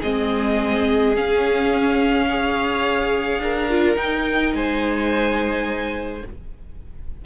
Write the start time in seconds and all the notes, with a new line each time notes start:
0.00 G#3 C4 G#4 D#5
1.16 C#4 F5
2.28 G#4 C#5
3.39 D4 A#4
3.70 F4
3.96 D#4 G5
4.53 G#3 C5 G#5